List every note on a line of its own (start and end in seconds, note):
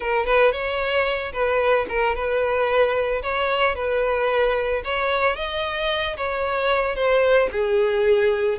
0.00 0.26 A#4
0.26 0.52 B4
0.52 1.32 C#5
1.32 1.86 B4
1.88 2.15 A#4
2.15 3.22 B4
3.22 3.75 C#5
3.75 4.82 B4
4.84 5.36 C#5
5.36 6.16 D#5
6.16 6.95 C#5
6.95 7.49 C5
7.51 8.58 G#4